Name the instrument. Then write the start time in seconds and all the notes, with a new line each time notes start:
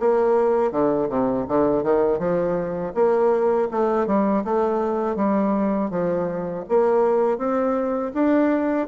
bassoon
0.00 A#3
0.72 D3
1.09 C3
1.48 D3
1.84 D#3
2.20 F3
2.95 A#3
3.72 A3
4.07 G3
4.45 A3
5.16 G3
5.91 F3
6.69 A#3
7.38 C4
8.14 D4